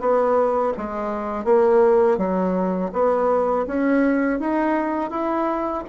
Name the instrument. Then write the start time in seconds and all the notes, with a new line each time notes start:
bassoon
0.00 B3
0.77 G#3
1.45 A#3
2.18 F#3
2.93 B3
3.67 C#4
4.40 D#4
5.11 E4